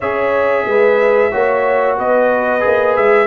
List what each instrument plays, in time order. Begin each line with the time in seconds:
0.00 tuba C#4, trombone G#4, horn C#5, trumpet E5
0.66 tuba G#3, horn B4
1.31 tuba A#3, trombone F#4, horn C#5
1.97 tuba B3, horn B4, trumpet D#5
2.60 tuba A#3, trombone G#4
2.96 tuba G#3, trumpet E5